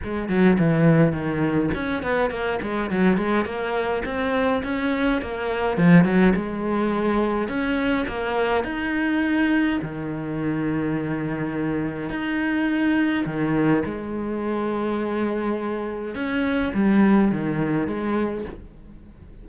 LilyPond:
\new Staff \with { instrumentName = "cello" } { \time 4/4 \tempo 4 = 104 gis8 fis8 e4 dis4 cis'8 b8 | ais8 gis8 fis8 gis8 ais4 c'4 | cis'4 ais4 f8 fis8 gis4~ | gis4 cis'4 ais4 dis'4~ |
dis'4 dis2.~ | dis4 dis'2 dis4 | gis1 | cis'4 g4 dis4 gis4 | }